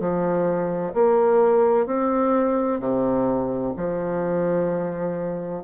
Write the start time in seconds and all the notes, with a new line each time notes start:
0.00 F3
0.94 A#3
1.86 C4
2.80 C3
3.77 F3